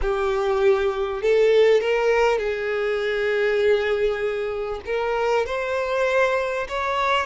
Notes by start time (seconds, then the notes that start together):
0.01 G4
1.22 A4
1.80 A#4
2.38 G#4
4.85 A#4
5.46 C5
6.68 C#5